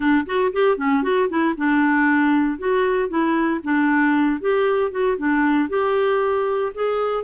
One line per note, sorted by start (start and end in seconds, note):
0.00 0.25 D4
0.26 0.52 F#4
0.52 0.77 G4
0.77 1.03 C#4
1.03 1.28 F#4
1.29 1.54 E4
1.57 2.58 D4
2.58 3.08 F#4
3.08 3.60 E4
3.63 4.40 D4
4.40 4.91 G4
4.91 5.17 F#4
5.17 5.69 D4
5.69 6.72 G4
6.74 7.23 G#4